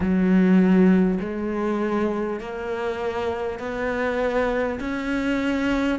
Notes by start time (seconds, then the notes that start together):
0.00 F#3
1.20 G#3
2.40 A#3
3.59 B3
4.80 C#4